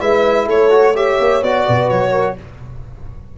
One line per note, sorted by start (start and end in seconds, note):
0.00 0.48 G#3
0.00 0.70 E4
0.00 0.47 B4
0.00 0.48 E5
0.47 1.19 A3
0.47 0.94 A4
0.47 0.97 C#5
0.70 0.94 F#4
0.94 1.42 G4
0.94 1.65 C#5
0.94 1.43 E5
1.20 1.42 A#3
1.42 1.66 B3
1.42 2.37 F#4
1.42 1.90 D5
1.66 1.91 B2
1.66 2.11 B4
1.90 2.38 F#3
1.90 2.37 C#5
2.11 2.35 A#4